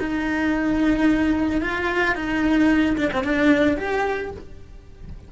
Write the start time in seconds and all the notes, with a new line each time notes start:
0.00 D#4
1.61 F4
2.15 D#4
2.98 D4
3.14 C4
3.24 D4
3.77 G4